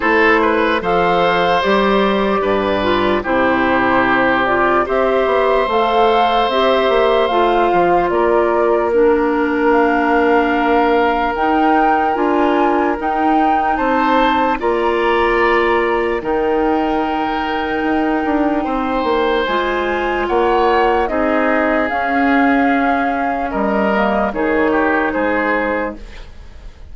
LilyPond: <<
  \new Staff \with { instrumentName = "flute" } { \time 4/4 \tempo 4 = 74 c''4 f''4 d''2 | c''4. d''8 e''4 f''4 | e''4 f''4 d''4 ais'4 | f''2 g''4 gis''4 |
g''4 a''4 ais''2 | g''1 | gis''4 fis''4 dis''4 f''4~ | f''4 dis''4 cis''4 c''4 | }
  \new Staff \with { instrumentName = "oboe" } { \time 4/4 a'8 b'8 c''2 b'4 | g'2 c''2~ | c''2 ais'2~ | ais'1~ |
ais'4 c''4 d''2 | ais'2. c''4~ | c''4 cis''4 gis'2~ | gis'4 ais'4 gis'8 g'8 gis'4 | }
  \new Staff \with { instrumentName = "clarinet" } { \time 4/4 e'4 a'4 g'4. f'8 | e'4. f'8 g'4 a'4 | g'4 f'2 d'4~ | d'2 dis'4 f'4 |
dis'2 f'2 | dis'1 | f'2 dis'4 cis'4~ | cis'4. ais8 dis'2 | }
  \new Staff \with { instrumentName = "bassoon" } { \time 4/4 a4 f4 g4 g,4 | c2 c'8 b8 a4 | c'8 ais8 a8 f8 ais2~ | ais2 dis'4 d'4 |
dis'4 c'4 ais2 | dis2 dis'8 d'8 c'8 ais8 | gis4 ais4 c'4 cis'4~ | cis'4 g4 dis4 gis4 | }
>>